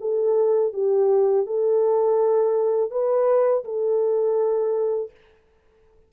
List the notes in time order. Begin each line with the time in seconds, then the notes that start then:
0.00 A4
0.73 G4
1.46 A4
2.90 B4
3.64 A4